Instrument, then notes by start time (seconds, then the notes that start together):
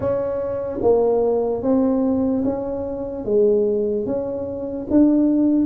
tuba
0.00 C#4
0.81 A#3
1.62 C4
2.44 C#4
3.24 G#3
4.06 C#4
4.90 D4